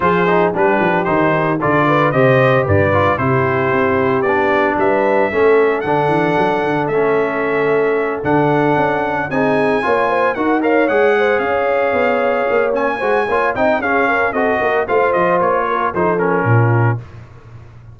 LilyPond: <<
  \new Staff \with { instrumentName = "trumpet" } { \time 4/4 \tempo 4 = 113 c''4 b'4 c''4 d''4 | dis''4 d''4 c''2 | d''4 e''2 fis''4~ | fis''4 e''2~ e''8 fis''8~ |
fis''4. gis''2 fis''8 | f''8 fis''4 f''2~ f''8 | gis''4. g''8 f''4 dis''4 | f''8 dis''8 cis''4 c''8 ais'4. | }
  \new Staff \with { instrumentName = "horn" } { \time 4/4 gis'4 g'2 a'8 b'8 | c''4 b'4 g'2~ | g'4 b'4 a'2~ | a'1~ |
a'4. gis'4 cis''8 c''8 ais'8 | cis''4 c''8 cis''2~ cis''8~ | cis''8 c''8 cis''8 dis''8 gis'8 ais'8 a'8 ais'8 | c''4. ais'8 a'4 f'4 | }
  \new Staff \with { instrumentName = "trombone" } { \time 4/4 f'8 dis'8 d'4 dis'4 f'4 | g'4. f'8 e'2 | d'2 cis'4 d'4~ | d'4 cis'2~ cis'8 d'8~ |
d'4. dis'4 f'4 fis'8 | ais'8 gis'2.~ gis'8 | cis'8 fis'8 f'8 dis'8 cis'4 fis'4 | f'2 dis'8 cis'4. | }
  \new Staff \with { instrumentName = "tuba" } { \time 4/4 f4 g8 f8 dis4 d4 | c4 g,4 c4 c'4 | b4 g4 a4 d8 e8 | fis8 d8 a2~ a8 d8~ |
d8 cis'4 c'4 ais4 dis'8~ | dis'8 gis4 cis'4 b4 ais8~ | ais8 gis8 ais8 c'8 cis'4 c'8 ais8 | a8 f8 ais4 f4 ais,4 | }
>>